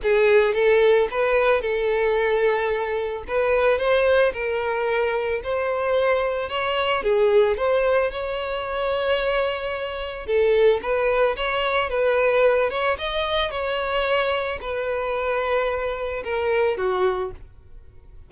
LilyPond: \new Staff \with { instrumentName = "violin" } { \time 4/4 \tempo 4 = 111 gis'4 a'4 b'4 a'4~ | a'2 b'4 c''4 | ais'2 c''2 | cis''4 gis'4 c''4 cis''4~ |
cis''2. a'4 | b'4 cis''4 b'4. cis''8 | dis''4 cis''2 b'4~ | b'2 ais'4 fis'4 | }